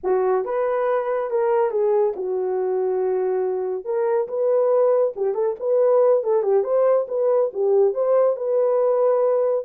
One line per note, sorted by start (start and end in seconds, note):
0.03 0.44 F#4
0.44 1.30 B4
1.30 1.70 A#4
1.70 2.13 G#4
2.15 3.84 F#4
3.84 4.27 A#4
4.27 5.13 B4
5.16 5.34 G4
5.34 5.55 A4
5.59 6.23 B4
6.23 6.42 A4
6.42 6.63 G4
6.63 7.06 C5
7.08 7.51 B4
7.53 7.93 G4
7.93 8.36 C5
8.36 9.64 B4